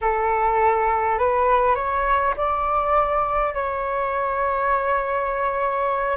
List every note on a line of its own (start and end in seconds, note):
0.01 1.18 A4
1.18 1.75 B4
1.75 2.34 C#5
2.36 3.53 D5
3.53 6.17 C#5